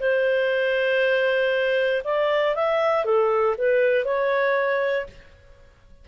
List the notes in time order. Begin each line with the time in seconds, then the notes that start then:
0.00 C5
2.04 D5
2.55 E5
3.05 A4
3.58 B4
4.05 C#5